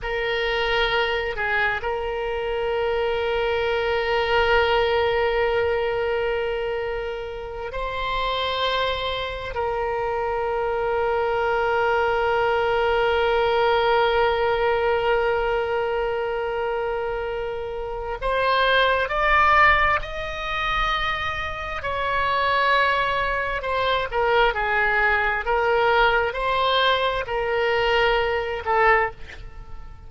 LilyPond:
\new Staff \with { instrumentName = "oboe" } { \time 4/4 \tempo 4 = 66 ais'4. gis'8 ais'2~ | ais'1~ | ais'8 c''2 ais'4.~ | ais'1~ |
ais'1 | c''4 d''4 dis''2 | cis''2 c''8 ais'8 gis'4 | ais'4 c''4 ais'4. a'8 | }